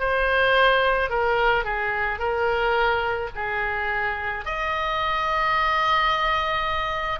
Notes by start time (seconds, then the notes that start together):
0.00 C5
1.10 A#4
1.64 G#4
2.19 A#4
3.35 G#4
4.45 D#5